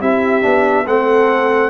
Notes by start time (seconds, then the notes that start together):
0.00 C4 E4 G4 E5
0.42 B3 D4
0.86 A3 C4 A4 F#5